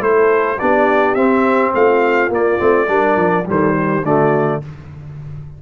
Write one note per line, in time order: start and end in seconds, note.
0.00 0.58 A3
0.00 0.57 E4
0.00 0.58 A4
0.00 0.59 C5
0.58 1.16 B3
0.58 1.16 D4
0.58 1.72 G4
0.58 1.14 D5
1.14 1.73 C4
1.14 2.30 C4
1.14 1.72 E5
1.74 2.28 A3
1.74 2.89 F4
1.74 2.32 F5
2.28 2.57 A#3
2.28 2.58 A#3
2.28 3.48 D5
2.58 2.88 A3
2.58 2.87 C4
2.87 3.16 G3
2.87 3.44 D4
2.87 3.46 A#4
3.16 3.45 F3
3.45 4.03 D#3
3.45 4.02 G3
3.45 3.76 A4
3.45 4.05 C5
3.77 4.04 G4
4.03 4.60 D3
4.03 4.62 A3
4.03 4.61 F#4
4.03 4.62 D5